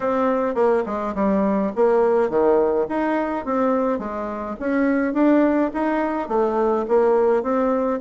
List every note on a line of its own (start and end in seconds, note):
0.00 0.54 C4
0.54 0.83 A#3
0.86 1.14 G#3
1.14 1.71 G3
1.75 2.29 A#3
2.29 2.86 D#3
2.88 3.45 D#4
3.45 3.98 C4
3.98 4.56 G#3
4.59 5.13 C#4
5.13 5.70 D4
5.73 6.28 D#4
6.28 6.85 A3
6.88 7.43 A#3
7.43 8.00 C4